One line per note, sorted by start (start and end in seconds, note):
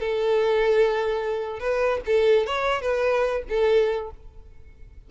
0.00 1.60 A4
1.60 2.00 B4
2.06 2.46 A4
2.46 2.81 C#5
2.81 3.42 B4
3.49 4.10 A4